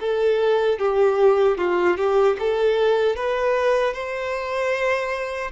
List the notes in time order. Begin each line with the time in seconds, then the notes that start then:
0.00 A4
0.79 G4
1.58 F4
1.97 G4
2.39 A4
3.16 B4
3.94 C5